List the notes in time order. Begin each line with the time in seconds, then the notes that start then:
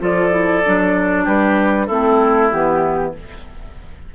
0.00 F3 F4 A4 D5
0.31 E4
0.66 F#3 D4
1.24 G3 G4 B4
1.87 A3 C4 E4 A4
2.51 E3 B3 G4